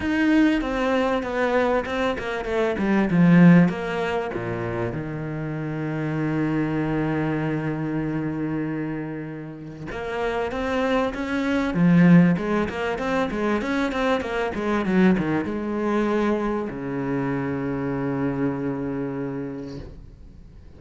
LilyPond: \new Staff \with { instrumentName = "cello" } { \time 4/4 \tempo 4 = 97 dis'4 c'4 b4 c'8 ais8 | a8 g8 f4 ais4 ais,4 | dis1~ | dis1 |
ais4 c'4 cis'4 f4 | gis8 ais8 c'8 gis8 cis'8 c'8 ais8 gis8 | fis8 dis8 gis2 cis4~ | cis1 | }